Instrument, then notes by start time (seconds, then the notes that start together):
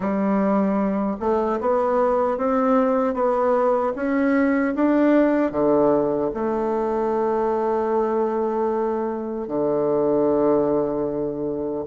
bassoon
0.00 G3
1.20 A3
1.60 B3
2.37 C4
3.14 B3
3.95 C#4
4.75 D4
5.51 D3
6.34 A3
9.47 D3